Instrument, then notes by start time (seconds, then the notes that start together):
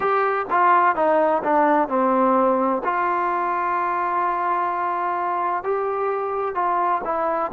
trombone
0.00 G4
0.50 F4
0.95 D#4
1.43 D4
1.88 C4
2.84 F4
5.63 G4
6.54 F4
7.04 E4